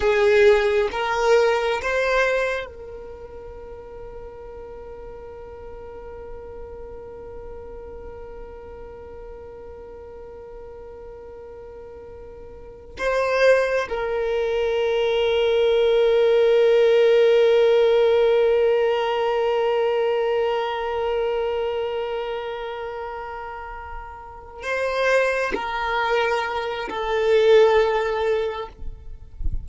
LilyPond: \new Staff \with { instrumentName = "violin" } { \time 4/4 \tempo 4 = 67 gis'4 ais'4 c''4 ais'4~ | ais'1~ | ais'1~ | ais'2~ ais'8 c''4 ais'8~ |
ais'1~ | ais'1~ | ais'2.~ ais'8 c''8~ | c''8 ais'4. a'2 | }